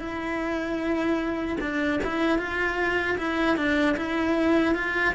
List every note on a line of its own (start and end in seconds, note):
0.00 1.58 E4
1.61 2.00 D4
2.04 2.39 E4
2.39 3.18 F4
3.18 3.57 E4
3.57 3.97 D4
3.97 4.75 E4
4.75 5.15 F4